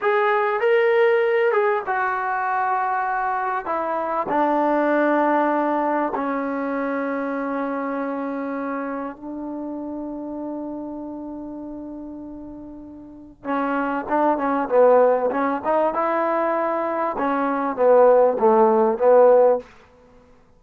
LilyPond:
\new Staff \with { instrumentName = "trombone" } { \time 4/4 \tempo 4 = 98 gis'4 ais'4. gis'8 fis'4~ | fis'2 e'4 d'4~ | d'2 cis'2~ | cis'2. d'4~ |
d'1~ | d'2 cis'4 d'8 cis'8 | b4 cis'8 dis'8 e'2 | cis'4 b4 a4 b4 | }